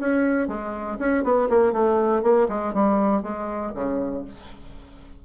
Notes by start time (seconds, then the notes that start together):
0.00 C#4
0.48 G#3
0.99 C#4
1.24 B3
1.50 A#3
1.73 A3
2.23 A#3
2.49 G#3
2.74 G3
3.23 G#3
3.75 C#3